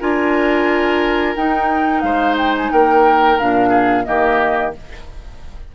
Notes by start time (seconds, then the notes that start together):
0.00 D4 F4 A#4 G#5
1.36 D#4 G5
2.01 G#3 C5 F5
2.38 G5
2.57 G#5
2.72 A#3 A#4 G5
3.39 A#2 D4 F5
3.69 G#4
4.04 D#3 A#3 G4 D#5